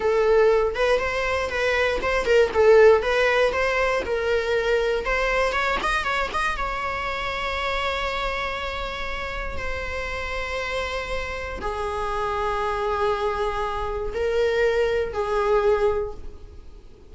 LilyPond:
\new Staff \with { instrumentName = "viola" } { \time 4/4 \tempo 4 = 119 a'4. b'8 c''4 b'4 | c''8 ais'8 a'4 b'4 c''4 | ais'2 c''4 cis''8 dis''8 | cis''8 dis''8 cis''2.~ |
cis''2. c''4~ | c''2. gis'4~ | gis'1 | ais'2 gis'2 | }